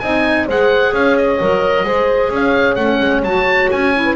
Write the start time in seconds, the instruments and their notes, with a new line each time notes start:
0.00 double bass C4, clarinet D#4, horn D#5, oboe G#5
0.47 double bass G#3, clarinet G#4, horn C5, oboe F#5
0.93 double bass C#4, horn C#5, oboe F5
1.17 oboe D#5
1.40 double bass F#3, clarinet A#4
1.84 double bass G#3, clarinet G#4, horn C5
2.30 double bass C#4, horn C#5, oboe F5
2.76 double bass A3, clarinet C#4, oboe F#5
3.01 double bass G#3
3.23 double bass F#3, clarinet F#4, oboe A5
3.72 double bass C#4, oboe G#5
3.95 clarinet E4
4.04 horn B4